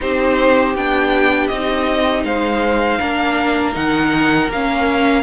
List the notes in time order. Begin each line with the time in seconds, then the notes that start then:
0.00 C4 D#4 G4 C5
0.74 B3 D4 G5
1.47 C4 D#4 D#5
2.23 G#3 C5 F5
2.99 A#3 D4 A#4
3.73 D#3 D#4 F#5
4.49 A#3 C#4 F5